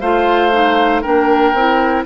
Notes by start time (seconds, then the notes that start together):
0.00 A3 F4 C5 F5
0.52 D#4
1.02 A#3 D4 A#4 G5
1.54 C4 E4